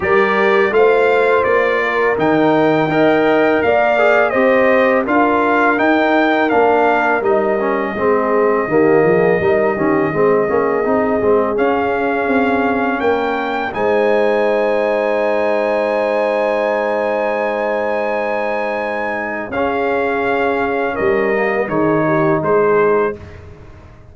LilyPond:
<<
  \new Staff \with { instrumentName = "trumpet" } { \time 4/4 \tempo 4 = 83 d''4 f''4 d''4 g''4~ | g''4 f''4 dis''4 f''4 | g''4 f''4 dis''2~ | dis''1 |
f''2 g''4 gis''4~ | gis''1~ | gis''2. f''4~ | f''4 dis''4 cis''4 c''4 | }
  \new Staff \with { instrumentName = "horn" } { \time 4/4 ais'4 c''4. ais'4. | dis''4 d''4 c''4 ais'4~ | ais'2. gis'4 | g'8 gis'8 ais'8 g'8 gis'2~ |
gis'2 ais'4 c''4~ | c''1~ | c''2. gis'4~ | gis'4 ais'4 gis'8 g'8 gis'4 | }
  \new Staff \with { instrumentName = "trombone" } { \time 4/4 g'4 f'2 dis'4 | ais'4. gis'8 g'4 f'4 | dis'4 d'4 dis'8 cis'8 c'4 | ais4 dis'8 cis'8 c'8 cis'8 dis'8 c'8 |
cis'2. dis'4~ | dis'1~ | dis'2. cis'4~ | cis'4. ais8 dis'2 | }
  \new Staff \with { instrumentName = "tuba" } { \time 4/4 g4 a4 ais4 dis4 | dis'4 ais4 c'4 d'4 | dis'4 ais4 g4 gis4 | dis8 f8 g8 dis8 gis8 ais8 c'8 gis8 |
cis'4 c'4 ais4 gis4~ | gis1~ | gis2. cis'4~ | cis'4 g4 dis4 gis4 | }
>>